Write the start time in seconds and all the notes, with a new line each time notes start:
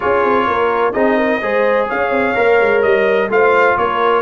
0.00 C#4 F4 G#4 C#5
0.24 C4
0.47 A#3 A#4
0.92 C4 D#4 G#4 D#5
1.17 A#4
1.41 G#3 G#4 C5
1.88 C#4 C#5 F5
2.10 C4
2.34 A#3 A#4
2.60 G#3
2.81 G3 D#5
3.29 A3 F4 C5 F5
3.77 A#3 A#4 C#5